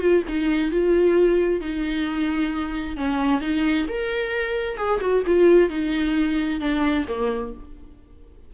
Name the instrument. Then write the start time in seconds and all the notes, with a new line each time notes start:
viola
0.00 F4
0.28 D#4
0.71 F4
1.61 D#4
2.96 C#4
3.40 D#4
3.88 A#4
4.77 G#4
5.00 F#4
5.26 F4
5.69 D#4
6.60 D4
7.08 A#3